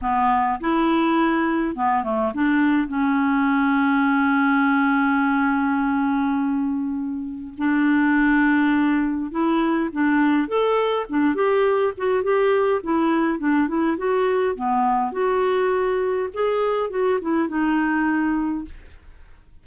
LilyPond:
\new Staff \with { instrumentName = "clarinet" } { \time 4/4 \tempo 4 = 103 b4 e'2 b8 a8 | d'4 cis'2.~ | cis'1~ | cis'4 d'2. |
e'4 d'4 a'4 d'8 g'8~ | g'8 fis'8 g'4 e'4 d'8 e'8 | fis'4 b4 fis'2 | gis'4 fis'8 e'8 dis'2 | }